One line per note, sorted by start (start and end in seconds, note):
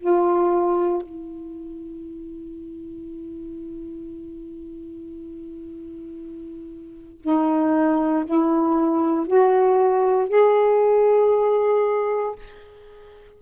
0.00 1.03 F4
1.03 7.22 E4
7.22 8.25 D#4
8.26 9.27 E4
9.27 10.29 F#4
10.29 12.36 G#4